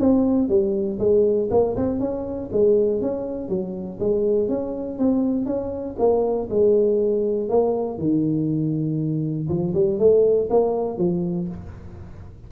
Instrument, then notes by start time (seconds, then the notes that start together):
tuba
0.00 C4
0.49 G3
0.99 G#3
1.51 A#3
1.76 C4
2.00 C#4
2.52 G#3
3.02 C#4
3.49 F#3
4.00 G#3
4.49 C#4
4.99 C4
5.46 C#4
5.99 A#3
6.50 G#3
7.49 A#3
7.98 D#3
9.49 F3
9.75 G3
9.99 A3
10.50 A#3
10.98 F3